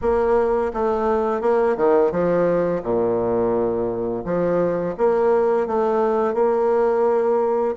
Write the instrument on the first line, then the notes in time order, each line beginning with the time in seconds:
bassoon
0.01 A#3
0.73 A3
1.41 A#3
1.76 D#3
2.11 F3
2.82 A#2
4.24 F3
4.97 A#3
5.66 A3
6.34 A#3